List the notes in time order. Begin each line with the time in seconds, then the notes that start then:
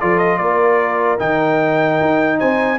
0.00 F3 F4 A4 D5
0.19 D#5
0.38 A#3 A#4 D5
1.19 D#3 D#4 G5
2.01 D#4
2.39 C4 C5 G#5